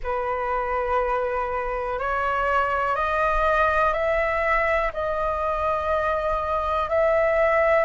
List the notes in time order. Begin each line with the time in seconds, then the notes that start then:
0.03 B4
1.99 C#5
2.95 D#5
3.93 E5
4.93 D#5
6.89 E5